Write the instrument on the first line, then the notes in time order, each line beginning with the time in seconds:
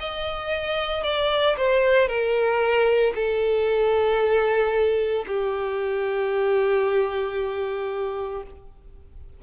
violin
0.00 D#5
1.04 D5
1.57 C5
2.08 A#4
3.15 A4
5.27 G4